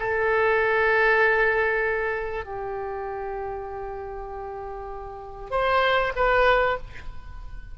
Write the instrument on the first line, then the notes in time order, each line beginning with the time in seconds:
oboe
0.00 A4
2.45 G4
5.51 C5
6.16 B4